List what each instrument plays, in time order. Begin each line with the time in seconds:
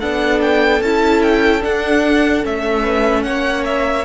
0.00 cello B3, viola D4, violin A4 F#5
0.42 violin G5
0.82 cello C#4, viola E4, violin A5
1.22 violin G5
1.62 viola D4, cello D4, violin F#5
2.43 cello A3, viola C#4, violin E5
2.82 violin B4
3.23 cello A#3, violin C#5 F#5
3.66 violin E5